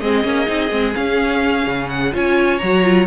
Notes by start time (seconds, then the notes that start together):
0.00 G#3 C4 G#4 D#5
0.23 A#3 C#4
0.45 C4 D#4
0.71 G#3 C4
0.94 C#4 F5
1.67 C#3
1.89 F#5
2.12 C#4 F4 C#5 G#5
2.58 F#3 F#4 A#5
2.83 F4